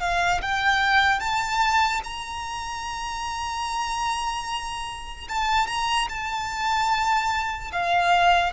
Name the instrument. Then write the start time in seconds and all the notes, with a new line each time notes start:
violin
0.00 F5
0.42 G5
1.20 A5
2.04 A#5
5.29 A5
5.67 A#5
6.09 A5
7.72 F5